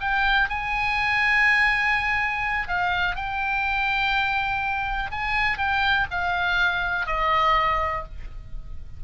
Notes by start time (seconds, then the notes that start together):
0.00 G5
0.49 G#5
2.68 F5
3.16 G5
5.11 G#5
5.58 G5
6.10 F5
7.06 D#5